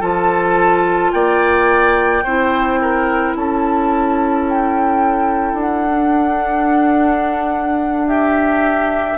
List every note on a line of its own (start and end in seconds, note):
0.00 1.12 F3
0.00 2.23 F4
0.00 1.11 A4
0.00 1.12 A5
1.12 2.24 A#3
1.12 2.24 D5
1.12 3.34 G5
2.24 3.35 C4
2.24 5.87 E4
2.24 2.79 C5
2.81 3.37 A#4
3.35 5.53 C#4
3.35 8.07 A4
3.35 4.47 A5
4.49 5.59 G5
5.53 9.14 D4
5.59 8.08 F#5
5.89 9.18 D4
8.07 9.18 G4
8.07 9.18 E5